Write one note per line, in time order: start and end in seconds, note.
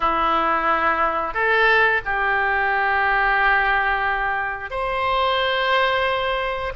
0.00 1.34 E4
1.34 2.01 A4
2.05 4.70 G4
4.70 6.72 C5